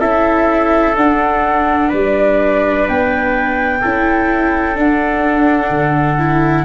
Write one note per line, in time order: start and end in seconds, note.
0.00 0.96 C#4
0.00 0.96 E4
0.00 1.89 A4
0.00 0.96 E5
0.97 1.92 D4
0.97 3.83 D4
0.97 1.92 F#5
1.89 2.88 G3
1.89 3.79 B4
1.89 2.88 D5
2.88 3.84 B3
2.88 4.78 G5
3.81 4.78 C#4
3.81 4.75 E4
3.81 6.66 A4
4.75 6.18 D4
4.75 5.70 D4
4.75 6.66 F#5
5.70 6.65 D3
6.18 6.66 E4